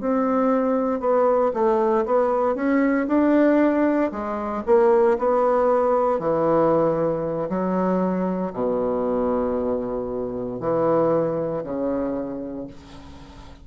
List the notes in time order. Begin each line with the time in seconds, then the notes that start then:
0.00 C4
1.00 B3
1.53 A3
2.05 B3
2.55 C#4
3.07 D4
4.11 G#3
4.66 A#3
5.18 B3
6.19 E3
7.49 F#3
8.53 B2
10.59 E3
11.63 C#3